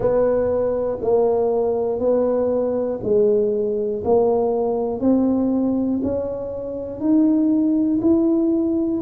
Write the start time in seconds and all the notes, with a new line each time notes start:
0.00 B3
1.01 A#3
1.99 B3
3.03 G#3
4.04 A#3
5.00 C4
6.03 C#4
7.00 D#4
8.01 E4